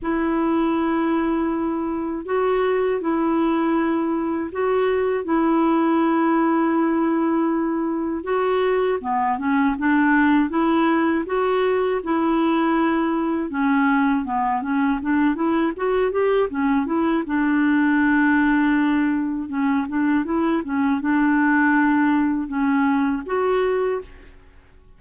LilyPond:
\new Staff \with { instrumentName = "clarinet" } { \time 4/4 \tempo 4 = 80 e'2. fis'4 | e'2 fis'4 e'4~ | e'2. fis'4 | b8 cis'8 d'4 e'4 fis'4 |
e'2 cis'4 b8 cis'8 | d'8 e'8 fis'8 g'8 cis'8 e'8 d'4~ | d'2 cis'8 d'8 e'8 cis'8 | d'2 cis'4 fis'4 | }